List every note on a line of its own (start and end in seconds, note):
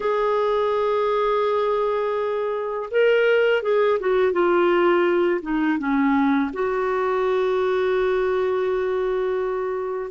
0.00 2.89 G#4
2.90 3.62 A#4
3.62 3.98 G#4
3.99 4.32 F#4
4.32 5.40 F4
5.42 5.78 D#4
5.78 6.50 C#4
6.53 10.10 F#4